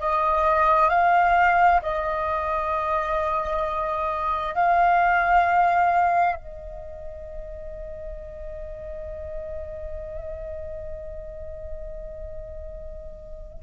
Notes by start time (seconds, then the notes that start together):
0.00 D#5
0.90 F5
1.82 D#5
4.55 F5
6.36 D#5